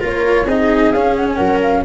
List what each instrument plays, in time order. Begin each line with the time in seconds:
0.00 tuba A#3, cello F4, viola A#4, flute C#5
0.45 tuba C4, cello D#4, viola G#4, flute D#5
0.92 tuba C#4, cello C#4, flute F5
1.16 flute F#5
1.29 flute G#5
1.36 tuba F#3, viola A#4, flute F#5
1.62 flute F5